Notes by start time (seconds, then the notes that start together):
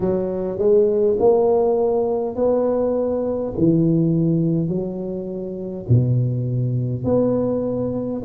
0.00 F#3
0.58 G#3
1.19 A#3
2.35 B3
3.57 E3
4.68 F#3
5.88 B2
7.04 B3